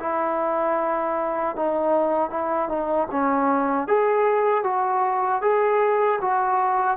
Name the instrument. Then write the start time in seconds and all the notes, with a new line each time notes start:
trombone
0.00 E4
1.56 D#4
2.30 E4
2.69 D#4
3.11 C#4
3.87 G#4
4.64 F#4
5.42 G#4
6.21 F#4